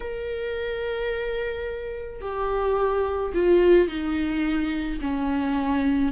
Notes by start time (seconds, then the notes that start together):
0.00 A#4
2.21 G4
3.33 F4
3.88 D#4
5.01 C#4